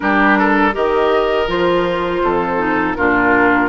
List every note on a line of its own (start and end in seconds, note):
0.00 0.75 G3
0.00 0.72 D4
0.00 0.38 G4
0.00 0.73 A#4
0.38 0.74 A4
0.72 1.47 D#3
0.72 1.46 G4
0.72 2.22 A#4
0.72 1.49 D#5
1.47 2.21 F3
1.47 2.57 F4
1.47 2.95 C5
2.23 2.97 F2
2.23 2.97 A4
2.57 2.94 D#4
2.95 3.69 A#2
2.95 3.69 D4
2.95 3.69 F4
2.95 3.69 A#4